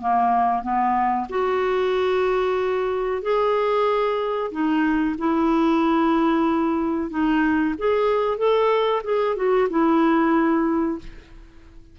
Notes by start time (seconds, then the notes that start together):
0.00 A#3
0.62 B3
1.29 F#4
3.22 G#4
4.51 D#4
5.18 E4
7.10 D#4
7.78 G#4
8.38 A4
9.04 G#4
9.36 F#4
9.70 E4